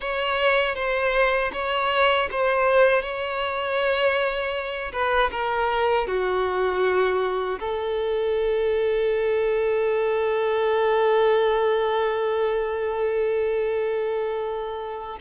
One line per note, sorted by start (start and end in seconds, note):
0.00 0.75 C#5
0.75 1.51 C5
1.52 2.28 C#5
2.31 3.02 C5
3.02 4.92 C#5
4.92 5.30 B4
5.31 6.07 A#4
6.07 7.59 F#4
7.59 15.19 A4